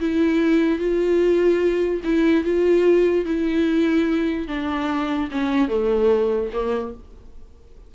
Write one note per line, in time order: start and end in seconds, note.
0.00 0.79 E4
0.79 2.01 F4
2.04 2.44 E4
2.44 3.26 F4
3.26 4.48 E4
4.48 5.29 D4
5.32 5.69 C#4
5.69 6.50 A3
6.54 6.94 A#3